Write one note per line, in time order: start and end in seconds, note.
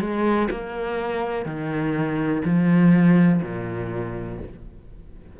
0.00 0.48 G#3
0.51 1.45 A#3
1.45 2.42 D#3
2.45 3.41 F3
3.42 4.39 A#2